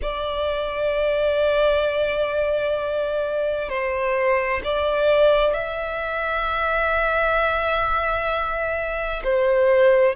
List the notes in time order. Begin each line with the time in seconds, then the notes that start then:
0.02 D5
3.68 C5
4.64 D5
5.53 E5
9.23 C5